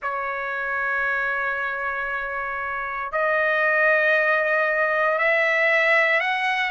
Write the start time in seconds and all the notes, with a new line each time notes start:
0.02 C#5
3.11 D#5
5.18 E5
6.20 F#5